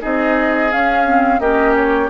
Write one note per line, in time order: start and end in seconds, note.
0.00 0.73 C4
0.00 0.70 D#4
0.00 1.40 G#4
0.00 0.72 D#5
0.71 1.05 C#4
0.71 1.39 C#4
0.71 1.40 F5
1.05 1.40 C4
1.39 2.09 A#3
1.39 2.10 C#4
1.39 2.10 G4
1.39 1.75 D#5
1.75 2.10 C#5